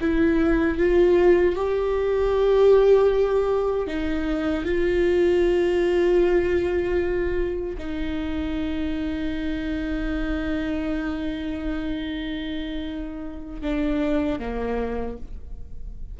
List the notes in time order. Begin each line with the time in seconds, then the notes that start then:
0.00 E4
0.78 F4
1.55 G4
3.87 D#4
4.65 F4
7.77 D#4
13.61 D4
14.39 A#3